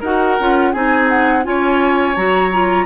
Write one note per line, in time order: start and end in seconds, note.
0.00 0.37 D#4
0.00 0.39 F#4
0.00 0.71 A#4
0.00 0.72 F#5
0.39 0.74 C#4
0.39 0.74 F4
0.72 1.45 C4
0.72 1.43 D#4
0.72 1.43 G#4
0.72 1.08 G#5
1.09 1.44 F#5
1.43 2.16 C#4
1.43 2.14 F4
1.43 2.86 C#5
1.43 2.16 G#5
2.16 2.86 F#3
2.16 2.52 F#4
2.16 2.86 A#5
2.52 2.86 F4